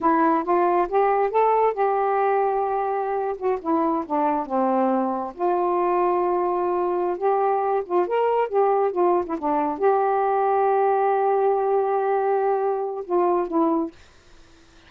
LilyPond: \new Staff \with { instrumentName = "saxophone" } { \time 4/4 \tempo 4 = 138 e'4 f'4 g'4 a'4 | g'2.~ g'8. fis'16~ | fis'16 e'4 d'4 c'4.~ c'16~ | c'16 f'2.~ f'8.~ |
f'8 g'4. f'8 ais'4 g'8~ | g'8 f'8. e'16 d'4 g'4.~ | g'1~ | g'2 f'4 e'4 | }